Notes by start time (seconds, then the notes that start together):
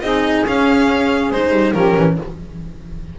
0.00 C4 D#4 G#4 D#5
0.46 C#4 F5
1.30 G#3 D#4 C5
1.50 G3
1.72 F3 C#4 G4 A#4
1.97 E3